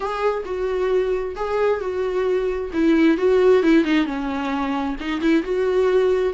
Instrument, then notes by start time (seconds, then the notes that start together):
viola
0.00 G#4
0.45 F#4
1.36 G#4
1.80 F#4
2.73 E4
3.17 F#4
3.63 E4
3.84 D#4
4.05 C#4
5.00 D#4
5.20 E4
5.43 F#4